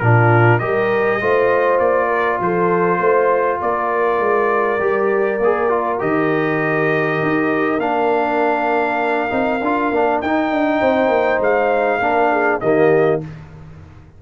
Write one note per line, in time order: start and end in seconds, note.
0.00 0.61 A#2
0.00 0.60 D4
0.00 0.60 F4
0.00 0.59 A#4
0.59 1.21 G3
0.59 1.20 G4
0.59 1.21 A#4
0.59 1.79 D#5
1.21 1.79 A3
1.21 4.80 F4
1.21 2.08 C5
1.79 2.40 A#3
1.79 2.39 D5
2.08 2.38 A#4
2.40 2.99 F3
2.40 3.00 A4
2.40 3.62 C5
2.99 3.59 A3
2.99 3.60 C5
3.60 4.19 A#3
3.60 10.80 A#4
3.60 6.01 D5
4.19 4.79 G#3
4.80 5.40 G3
4.80 5.40 G4
5.40 6.00 A#3
5.40 5.70 G#4
5.70 5.99 F4
5.99 7.22 D#3
5.99 7.79 G4
5.99 7.80 D#5
7.23 7.79 D#4
7.79 9.29 A#3
7.79 9.29 D4
7.79 10.20 F5
9.29 9.62 C4
9.29 9.60 D#4
9.62 9.92 D4
9.62 9.94 F4
9.92 10.21 A#3
9.92 10.24 D4
10.21 10.52 D#4
10.21 12.01 D#4
10.21 11.41 G5
10.52 10.81 D4
10.80 11.09 C4
10.80 11.99 C5
11.09 11.39 A#3
11.40 12.00 G#3
11.40 12.61 F5
11.99 12.60 A#3
11.99 12.61 D4
11.99 12.29 A#4
12.32 12.62 G#4
12.61 13.22 D#3
12.61 13.21 A#3
12.61 13.22 G4
12.61 13.21 D#5